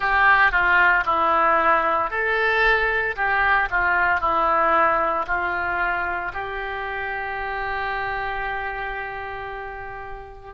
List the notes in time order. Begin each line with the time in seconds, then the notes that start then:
0.00 G4
0.51 F4
1.05 E4
2.10 A4
3.16 G4
3.70 F4
4.20 E4
5.26 F4
6.33 G4